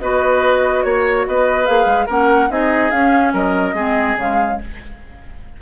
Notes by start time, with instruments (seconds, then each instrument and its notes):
0.00 bassoon B3, clarinet F#4, oboe B4, flute D#5
0.83 bassoon A#3, flute C#5, oboe C#5
1.27 bassoon B3, oboe B4, flute D#5
1.66 bassoon A#3, clarinet G#4, flute F5
1.86 bassoon G#3
2.07 bassoon A#3, clarinet C#4, oboe A#4, flute F#5
2.50 bassoon C4, clarinet D#4, oboe G#4, flute D#5
2.91 bassoon C#4, clarinet C#4, flute F5
3.34 bassoon F#3, oboe A#4, flute D#5
3.73 bassoon G#3, clarinet C4, oboe G#4
4.16 bassoon C#3, clarinet G#3, flute F5